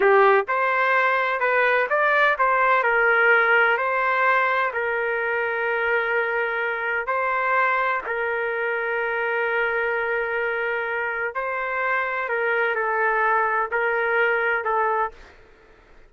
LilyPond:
\new Staff \with { instrumentName = "trumpet" } { \time 4/4 \tempo 4 = 127 g'4 c''2 b'4 | d''4 c''4 ais'2 | c''2 ais'2~ | ais'2. c''4~ |
c''4 ais'2.~ | ais'1 | c''2 ais'4 a'4~ | a'4 ais'2 a'4 | }